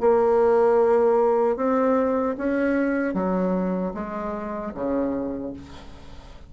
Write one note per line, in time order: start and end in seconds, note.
0.00 1.56 A#3
1.56 2.35 C4
2.37 3.13 C#4
3.13 3.92 F#3
3.94 4.73 G#3
4.74 5.53 C#3